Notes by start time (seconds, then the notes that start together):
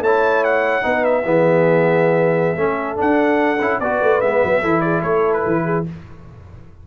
0.00 A3 E4 C#5 A5
0.44 F#5
0.82 B3 D#4 B4
1.05 E5
1.25 E3 B3 G#4
2.57 A3 C#4 A4
2.96 D4 F#5
3.61 C#4 E4
3.80 B3 F#4 B4 D5
4.01 A3
4.21 G#3 B3 E5
4.44 F#3
4.61 E3 E4 A4
4.81 G#4 D5
5.01 A3 A4 C#5
5.33 B4
5.47 E3
5.64 G#4